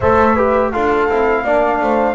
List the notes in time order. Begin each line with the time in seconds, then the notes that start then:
0.00 A3 A4 C5 E5
0.34 G4 B4
0.71 D4 F4 A4 F5
1.08 C4 E4
1.43 A#3 D4 D5
1.80 A3 C5